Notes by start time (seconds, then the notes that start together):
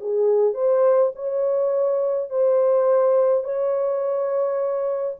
0.00 G#4
0.54 C5
1.15 C#5
2.30 C5
3.43 C#5